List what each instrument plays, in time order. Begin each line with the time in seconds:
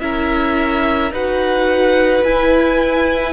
0.00 cello C#4, viola E4, violin A#4 E5
1.11 cello D#4, viola F#4, violin B4 F#5
2.24 cello E4, viola E4, violin G#5